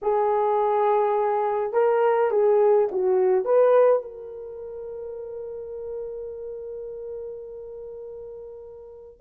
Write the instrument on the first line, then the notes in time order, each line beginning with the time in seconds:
horn
0.02 G#4
1.73 A#4
2.30 G#4
2.91 F#4
3.45 B4
4.02 A#4